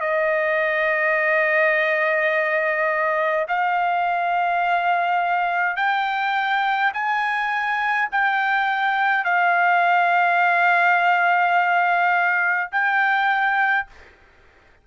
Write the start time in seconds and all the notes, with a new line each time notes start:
0.00 D#5
3.48 F5
5.76 G5
6.93 G#5
8.11 G5
9.24 F5
12.71 G5